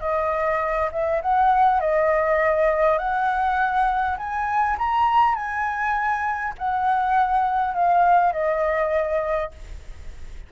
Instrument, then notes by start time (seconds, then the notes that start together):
flute
0.00 D#5
0.91 E5
1.22 F#5
1.80 D#5
2.98 F#5
4.17 G#5
4.78 A#5
5.35 G#5
6.58 F#5
7.74 F5
8.32 D#5